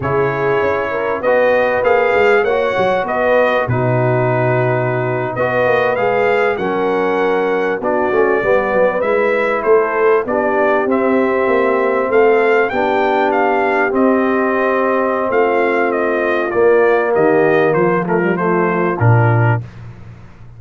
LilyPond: <<
  \new Staff \with { instrumentName = "trumpet" } { \time 4/4 \tempo 4 = 98 cis''2 dis''4 f''4 | fis''4 dis''4 b'2~ | b'8. dis''4 f''4 fis''4~ fis''16~ | fis''8. d''2 e''4 c''16~ |
c''8. d''4 e''2 f''16~ | f''8. g''4 f''4 dis''4~ dis''16~ | dis''4 f''4 dis''4 d''4 | dis''4 c''8 ais'8 c''4 ais'4 | }
  \new Staff \with { instrumentName = "horn" } { \time 4/4 gis'4. ais'8 b'2 | cis''4 b'4 fis'2~ | fis'8. b'2 ais'4~ ais'16~ | ais'8. fis'4 b'2 a'16~ |
a'8. g'2. a'16~ | a'8. g'2.~ g'16~ | g'4 f'2. | g'4 f'2. | }
  \new Staff \with { instrumentName = "trombone" } { \time 4/4 e'2 fis'4 gis'4 | fis'2 dis'2~ | dis'8. fis'4 gis'4 cis'4~ cis'16~ | cis'8. d'8 cis'8 b4 e'4~ e'16~ |
e'8. d'4 c'2~ c'16~ | c'8. d'2 c'4~ c'16~ | c'2. ais4~ | ais4. a16 g16 a4 d'4 | }
  \new Staff \with { instrumentName = "tuba" } { \time 4/4 cis4 cis'4 b4 ais8 gis8 | ais8 fis8 b4 b,2~ | b,8. b8 ais8 gis4 fis4~ fis16~ | fis8. b8 a8 g8 fis8 gis4 a16~ |
a8. b4 c'4 ais4 a16~ | a8. b2 c'4~ c'16~ | c'4 a2 ais4 | dis4 f2 ais,4 | }
>>